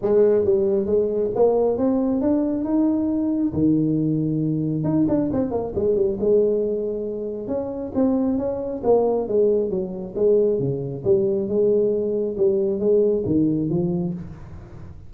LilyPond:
\new Staff \with { instrumentName = "tuba" } { \time 4/4 \tempo 4 = 136 gis4 g4 gis4 ais4 | c'4 d'4 dis'2 | dis2. dis'8 d'8 | c'8 ais8 gis8 g8 gis2~ |
gis4 cis'4 c'4 cis'4 | ais4 gis4 fis4 gis4 | cis4 g4 gis2 | g4 gis4 dis4 f4 | }